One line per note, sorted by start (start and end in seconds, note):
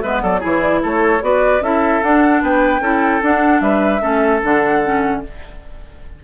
0.00 0.23 G#3
0.00 0.40 B3
0.00 0.22 B4
0.00 0.20 E5
0.21 0.43 F#3
0.21 0.40 A4
0.21 0.41 D5
0.40 0.84 E3
0.40 1.20 E4
0.40 0.80 G#4
0.40 0.61 C#5
0.61 0.81 D5
0.83 1.22 A3
0.83 1.23 A4
0.83 1.23 C#5
1.21 1.61 B3
1.21 1.61 F#4
1.21 1.63 B4
1.21 1.63 D5
1.61 2.01 C#4
1.61 2.03 E4
1.61 2.43 A4
1.61 2.03 E5
2.03 2.42 D4
2.03 2.82 D4
2.03 2.43 F#5
2.42 2.81 B3
2.42 2.82 B4
2.42 3.24 G5
2.81 3.21 C#4
2.81 3.22 E4
2.81 3.62 A4
3.22 4.01 D4
3.22 3.61 D4
3.22 3.61 F#5
3.61 4.01 G3
3.61 4.02 B4
3.61 4.41 E5
4.01 4.42 A3
4.01 4.41 C#4
4.01 5.22 A4
4.43 5.24 D3
4.43 4.83 D4
4.43 5.24 F#5
4.83 5.23 C#4